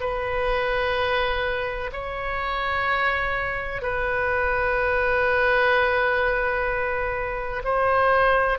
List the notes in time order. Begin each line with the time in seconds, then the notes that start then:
0.00 B4
1.93 C#5
3.82 B4
7.65 C5